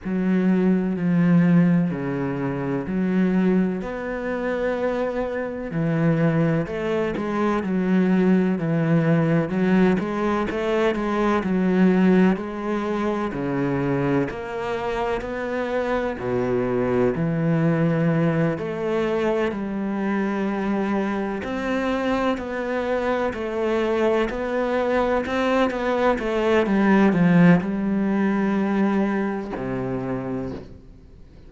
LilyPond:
\new Staff \with { instrumentName = "cello" } { \time 4/4 \tempo 4 = 63 fis4 f4 cis4 fis4 | b2 e4 a8 gis8 | fis4 e4 fis8 gis8 a8 gis8 | fis4 gis4 cis4 ais4 |
b4 b,4 e4. a8~ | a8 g2 c'4 b8~ | b8 a4 b4 c'8 b8 a8 | g8 f8 g2 c4 | }